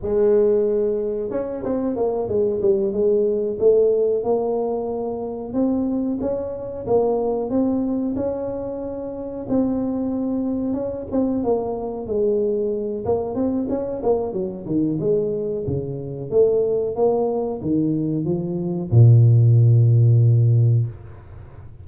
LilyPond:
\new Staff \with { instrumentName = "tuba" } { \time 4/4 \tempo 4 = 92 gis2 cis'8 c'8 ais8 gis8 | g8 gis4 a4 ais4.~ | ais8 c'4 cis'4 ais4 c'8~ | c'8 cis'2 c'4.~ |
c'8 cis'8 c'8 ais4 gis4. | ais8 c'8 cis'8 ais8 fis8 dis8 gis4 | cis4 a4 ais4 dis4 | f4 ais,2. | }